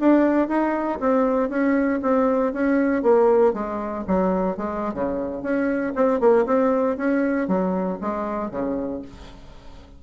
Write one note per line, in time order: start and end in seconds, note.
0.00 0.49 D4
0.49 0.99 D#4
1.01 1.50 C4
1.50 2.01 C#4
2.03 2.53 C4
2.53 3.03 C#4
3.03 3.54 A#3
3.54 4.05 G#3
4.08 4.57 F#3
4.57 4.94 G#3
4.94 5.43 C#3
5.43 5.94 C#4
5.96 6.20 C4
6.20 6.46 A#3
6.46 6.97 C4
6.97 7.48 C#4
7.48 7.99 F#3
8.01 8.51 G#3
8.51 9.02 C#3